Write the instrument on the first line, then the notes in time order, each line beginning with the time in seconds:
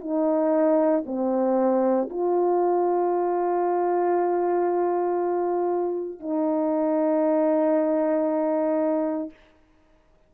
horn
0.00 D#4
1.05 C4
2.09 F4
6.20 D#4